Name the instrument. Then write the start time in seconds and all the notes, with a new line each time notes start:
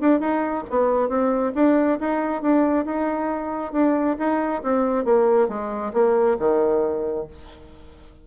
bassoon
0.00 D4
0.20 D#4
0.70 B3
1.08 C4
1.54 D4
1.99 D#4
2.42 D4
2.85 D#4
3.72 D4
4.18 D#4
4.62 C4
5.04 A#3
5.48 G#3
5.93 A#3
6.39 D#3